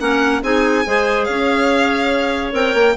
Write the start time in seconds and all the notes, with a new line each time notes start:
0.00 A#3 C#4 A#4 F#5
0.43 C4 D#4 G#4 G#5
0.86 G#3 G#4 C5
1.25 C#4 C#5 F5
2.52 C4 A#4 G5
2.75 A#3